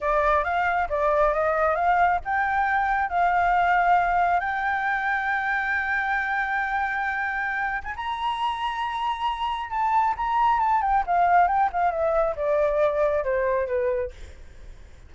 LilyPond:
\new Staff \with { instrumentName = "flute" } { \time 4/4 \tempo 4 = 136 d''4 f''4 d''4 dis''4 | f''4 g''2 f''4~ | f''2 g''2~ | g''1~ |
g''4.~ g''16 gis''16 ais''2~ | ais''2 a''4 ais''4 | a''8 g''8 f''4 g''8 f''8 e''4 | d''2 c''4 b'4 | }